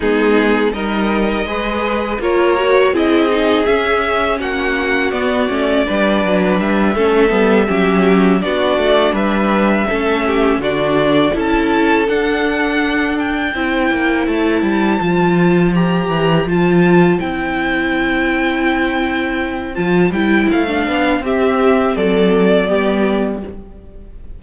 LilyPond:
<<
  \new Staff \with { instrumentName = "violin" } { \time 4/4 \tempo 4 = 82 gis'4 dis''2 cis''4 | dis''4 e''4 fis''4 d''4~ | d''4 e''2~ e''8 d''8~ | d''8 e''2 d''4 a''8~ |
a''8 fis''4. g''4. a''8~ | a''4. ais''4 a''4 g''8~ | g''2. a''8 g''8 | f''4 e''4 d''2 | }
  \new Staff \with { instrumentName = "violin" } { \time 4/4 dis'4 ais'4 b'4 ais'4 | gis'2 fis'2 | b'4. a'4 g'4 fis'8~ | fis'8 b'4 a'8 g'8 fis'4 a'8~ |
a'2~ a'8 c''4.~ | c''1~ | c''1~ | c''4 g'4 a'4 g'4 | }
  \new Staff \with { instrumentName = "viola" } { \time 4/4 b4 dis'4 gis'4 f'8 fis'8 | e'8 dis'8 cis'2 b8 cis'8 | d'4. cis'8 b8 cis'4 d'8~ | d'4. cis'4 d'4 e'8~ |
e'8 d'2 e'4.~ | e'8 f'4 g'4 f'4 e'8~ | e'2. f'8 e'8~ | e'16 d'8. c'2 b4 | }
  \new Staff \with { instrumentName = "cello" } { \time 4/4 gis4 g4 gis4 ais4 | c'4 cis'4 ais4 b8 a8 | g8 fis8 g8 a8 g8 fis4 b8 | a8 g4 a4 d4 cis'8~ |
cis'8 d'2 c'8 ais8 a8 | g8 f4. e8 f4 c'8~ | c'2. f8 g8 | a8 b8 c'4 fis4 g4 | }
>>